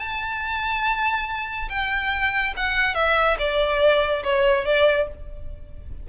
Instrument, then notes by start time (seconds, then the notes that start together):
violin
0.00 A5
1.70 G5
2.57 F#5
2.95 E5
3.39 D5
4.24 C#5
4.66 D5